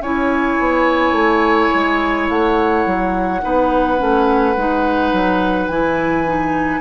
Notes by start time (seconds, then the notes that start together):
0.00 C#4 E4 C#5 G#5
0.59 B3
1.12 A3
1.74 G#3
2.29 A3 F#5
2.86 F#3
3.42 B3 D#4 B4
3.98 A3 C#4
4.56 G#3 D#4
5.12 F#3
5.68 E3 E4 G#5
6.26 D#4